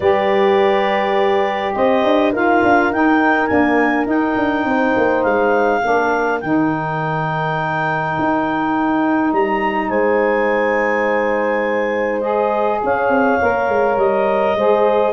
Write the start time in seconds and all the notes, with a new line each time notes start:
0.00 G3 G4 B4 D5
1.75 C4 C5 D#5
2.03 D4
2.32 D#4 F4 A#4 F5
2.63 D4
2.90 D#4 G5
3.46 A#3 D4 G#5
4.05 D#4 G5
4.36 D4
4.64 C4 C5
4.96 A#3
5.23 G#3 F5
5.82 A#3 D4 A#4
6.40 D#3 D#4 G5
8.18 D#4
9.32 G3 A#5
9.89 G#3 C5 G#5
12.20 G#4 D#5
12.83 C#4 C#5 F5
13.08 C4
13.41 A#3 A#4
13.68 G#3
13.96 G3 D#5
14.55 G#3 G#4 C5